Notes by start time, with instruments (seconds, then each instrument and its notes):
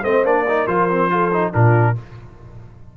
0.00 tuba A3, trombone C4, horn C5, trumpet D#5
0.23 tuba A#3, trombone D4, trumpet D5
0.48 trombone D#4, horn A#4
0.66 tuba F3, trombone F4, trumpet C5
0.90 trombone C4
1.10 trombone F4, horn A4
1.32 trombone D#4
1.52 tuba A#2, trombone D4, horn F4, trumpet A#4